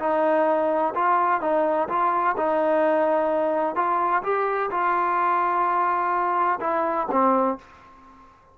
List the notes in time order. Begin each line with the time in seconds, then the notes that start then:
0.00 D#4
0.95 F4
1.42 D#4
1.89 F4
2.38 D#4
3.76 F4
4.23 G4
4.71 F4
6.61 E4
7.11 C4